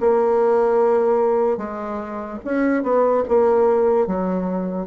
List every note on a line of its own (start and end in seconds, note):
0.00 1.57 A#3
1.57 2.38 G#3
2.44 2.83 C#4
2.83 3.24 B3
3.28 4.07 A#3
4.07 4.87 F#3